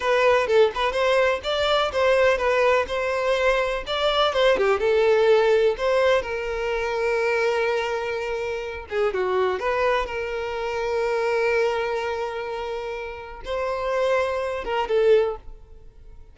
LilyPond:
\new Staff \with { instrumentName = "violin" } { \time 4/4 \tempo 4 = 125 b'4 a'8 b'8 c''4 d''4 | c''4 b'4 c''2 | d''4 c''8 g'8 a'2 | c''4 ais'2.~ |
ais'2~ ais'8 gis'8 fis'4 | b'4 ais'2.~ | ais'1 | c''2~ c''8 ais'8 a'4 | }